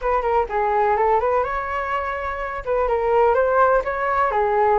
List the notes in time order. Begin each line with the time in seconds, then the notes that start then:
0.01 B4
0.21 A#4
0.49 G#4
0.96 A4
1.20 B4
1.43 C#5
2.65 B4
2.88 A#4
3.34 C5
3.84 C#5
4.31 G#4